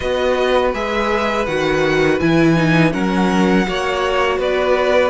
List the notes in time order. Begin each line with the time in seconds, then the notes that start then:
0.00 B3 F#4 B4 D#5
0.73 G#3 G#4 E5
1.46 D#3 F#4 F#5
2.20 E3 E4 G#5
2.55 D#4
2.91 F#3 C#4 A#4 F#5
3.65 A#3 F#4 C#5
4.38 B3 B4 D5